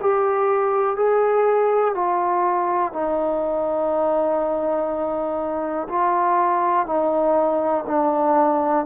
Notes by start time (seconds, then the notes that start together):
0.00 G4
0.96 G#4
1.94 F4
2.92 D#4
5.88 F4
6.86 D#4
7.87 D4